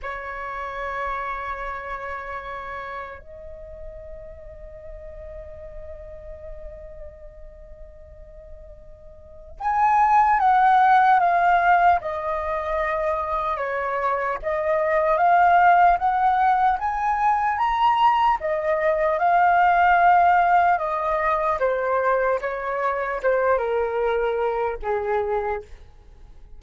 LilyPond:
\new Staff \with { instrumentName = "flute" } { \time 4/4 \tempo 4 = 75 cis''1 | dis''1~ | dis''1 | gis''4 fis''4 f''4 dis''4~ |
dis''4 cis''4 dis''4 f''4 | fis''4 gis''4 ais''4 dis''4 | f''2 dis''4 c''4 | cis''4 c''8 ais'4. gis'4 | }